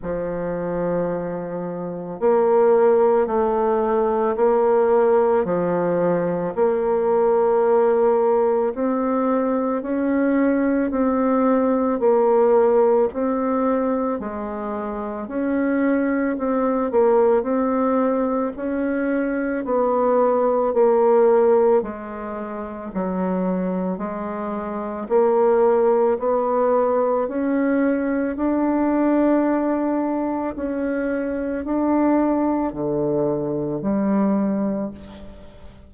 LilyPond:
\new Staff \with { instrumentName = "bassoon" } { \time 4/4 \tempo 4 = 55 f2 ais4 a4 | ais4 f4 ais2 | c'4 cis'4 c'4 ais4 | c'4 gis4 cis'4 c'8 ais8 |
c'4 cis'4 b4 ais4 | gis4 fis4 gis4 ais4 | b4 cis'4 d'2 | cis'4 d'4 d4 g4 | }